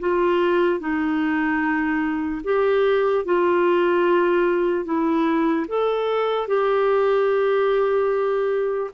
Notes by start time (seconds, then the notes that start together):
0.00 F4
0.80 D#4
2.44 G4
3.25 F4
4.85 E4
5.68 A4
6.48 G4